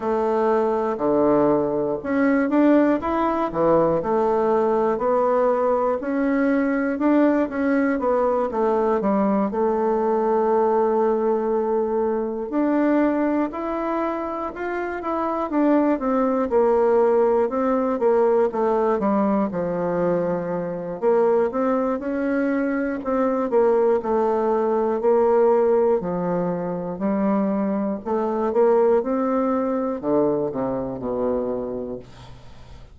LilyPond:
\new Staff \with { instrumentName = "bassoon" } { \time 4/4 \tempo 4 = 60 a4 d4 cis'8 d'8 e'8 e8 | a4 b4 cis'4 d'8 cis'8 | b8 a8 g8 a2~ a8~ | a8 d'4 e'4 f'8 e'8 d'8 |
c'8 ais4 c'8 ais8 a8 g8 f8~ | f4 ais8 c'8 cis'4 c'8 ais8 | a4 ais4 f4 g4 | a8 ais8 c'4 d8 c8 b,4 | }